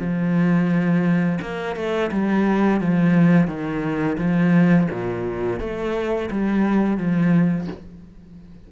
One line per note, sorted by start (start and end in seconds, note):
0.00 1.40 F3
1.42 1.76 A#3
1.76 2.11 A3
2.12 2.81 G3
2.81 3.48 F3
3.48 4.18 D#3
4.18 4.88 F3
4.91 5.60 A#2
5.60 6.30 A3
6.31 6.98 G3
6.98 7.68 F3